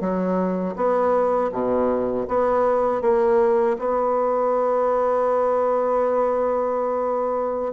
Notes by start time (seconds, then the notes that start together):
0.00 F#3
0.76 B3
1.52 B2
2.28 B3
3.01 A#3
3.79 B3